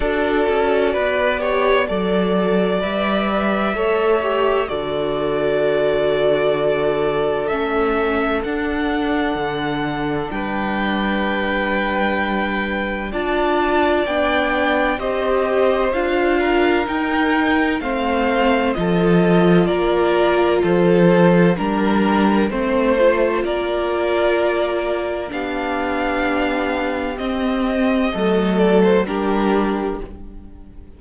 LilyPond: <<
  \new Staff \with { instrumentName = "violin" } { \time 4/4 \tempo 4 = 64 d''2. e''4~ | e''4 d''2. | e''4 fis''2 g''4~ | g''2 a''4 g''4 |
dis''4 f''4 g''4 f''4 | dis''4 d''4 c''4 ais'4 | c''4 d''2 f''4~ | f''4 dis''4. d''16 c''16 ais'4 | }
  \new Staff \with { instrumentName = "violin" } { \time 4/4 a'4 b'8 cis''8 d''2 | cis''4 a'2.~ | a'2. b'4~ | b'2 d''2 |
c''4. ais'4. c''4 | a'4 ais'4 a'4 ais'4 | c''4 ais'2 g'4~ | g'2 a'4 g'4 | }
  \new Staff \with { instrumentName = "viola" } { \time 4/4 fis'4. g'8 a'4 b'4 | a'8 g'8 fis'2. | cis'4 d'2.~ | d'2 f'4 d'4 |
g'4 f'4 dis'4 c'4 | f'2. d'4 | c'8 f'2~ f'8 d'4~ | d'4 c'4 a4 d'4 | }
  \new Staff \with { instrumentName = "cello" } { \time 4/4 d'8 cis'8 b4 fis4 g4 | a4 d2. | a4 d'4 d4 g4~ | g2 d'4 b4 |
c'4 d'4 dis'4 a4 | f4 ais4 f4 g4 | a4 ais2 b4~ | b4 c'4 fis4 g4 | }
>>